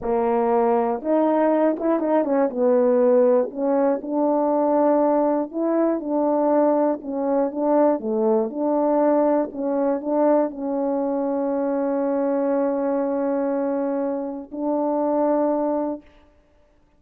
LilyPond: \new Staff \with { instrumentName = "horn" } { \time 4/4 \tempo 4 = 120 ais2 dis'4. e'8 | dis'8 cis'8 b2 cis'4 | d'2. e'4 | d'2 cis'4 d'4 |
a4 d'2 cis'4 | d'4 cis'2.~ | cis'1~ | cis'4 d'2. | }